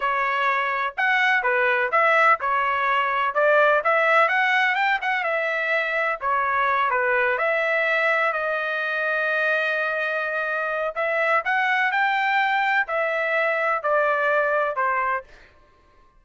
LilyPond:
\new Staff \with { instrumentName = "trumpet" } { \time 4/4 \tempo 4 = 126 cis''2 fis''4 b'4 | e''4 cis''2 d''4 | e''4 fis''4 g''8 fis''8 e''4~ | e''4 cis''4. b'4 e''8~ |
e''4. dis''2~ dis''8~ | dis''2. e''4 | fis''4 g''2 e''4~ | e''4 d''2 c''4 | }